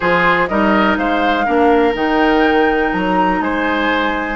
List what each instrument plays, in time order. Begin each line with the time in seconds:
0.00 bassoon F3, clarinet F4, oboe G#4, flute C5
0.47 bassoon G3, clarinet D#4, oboe A#4, flute D#5
0.97 bassoon G#3, oboe C5, flute F5
1.45 bassoon A#3, clarinet D4, oboe A#4
1.93 bassoon D#3, clarinet D#4, flute G5
2.92 bassoon F#3, flute A#5
3.40 bassoon G#3, oboe C5, flute G#5